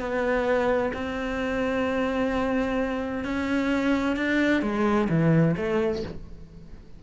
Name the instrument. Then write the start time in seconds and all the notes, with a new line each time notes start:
cello
0.00 B3
0.94 C4
3.25 C#4
4.17 D4
4.62 G#3
5.09 E3
5.57 A3